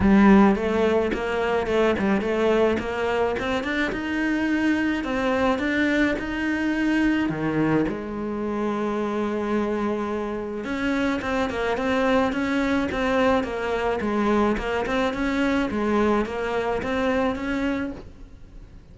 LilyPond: \new Staff \with { instrumentName = "cello" } { \time 4/4 \tempo 4 = 107 g4 a4 ais4 a8 g8 | a4 ais4 c'8 d'8 dis'4~ | dis'4 c'4 d'4 dis'4~ | dis'4 dis4 gis2~ |
gis2. cis'4 | c'8 ais8 c'4 cis'4 c'4 | ais4 gis4 ais8 c'8 cis'4 | gis4 ais4 c'4 cis'4 | }